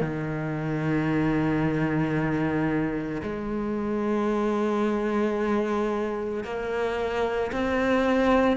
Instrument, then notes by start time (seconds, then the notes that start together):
cello
0.00 D#3
3.22 G#3
6.44 A#3
7.51 C4